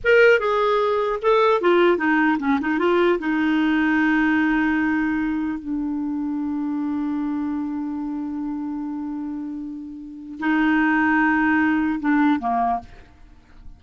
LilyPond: \new Staff \with { instrumentName = "clarinet" } { \time 4/4 \tempo 4 = 150 ais'4 gis'2 a'4 | f'4 dis'4 cis'8 dis'8 f'4 | dis'1~ | dis'2 d'2~ |
d'1~ | d'1~ | d'2 dis'2~ | dis'2 d'4 ais4 | }